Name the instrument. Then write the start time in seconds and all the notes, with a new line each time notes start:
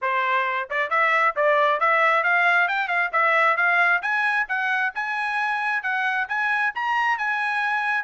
trumpet
0.01 C5
0.70 D5
0.90 E5
1.36 D5
1.80 E5
2.23 F5
2.67 G5
2.88 F5
3.12 E5
3.56 F5
4.02 G#5
4.48 F#5
4.94 G#5
5.82 F#5
6.28 G#5
6.74 A#5
7.18 G#5